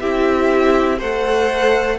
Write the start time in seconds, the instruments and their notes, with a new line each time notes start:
0.00 cello C4, viola E4, violin G4 E5
0.98 cello A3, viola A4, violin C5 F#5